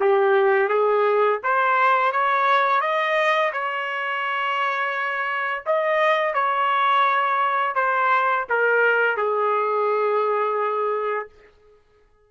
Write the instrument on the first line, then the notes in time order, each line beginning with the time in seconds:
trumpet
0.00 G4
0.69 G#4
1.43 C5
2.12 C#5
2.81 D#5
3.52 C#5
5.66 D#5
6.34 C#5
7.75 C5
8.49 A#4
9.17 G#4